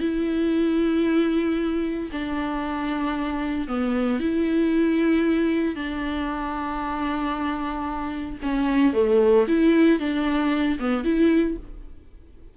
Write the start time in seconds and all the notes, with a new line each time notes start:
0.00 E4
2.12 D4
3.68 B3
4.20 E4
5.76 D4
8.42 C#4
8.94 A3
9.48 E4
10.00 D4
10.80 B3
11.05 E4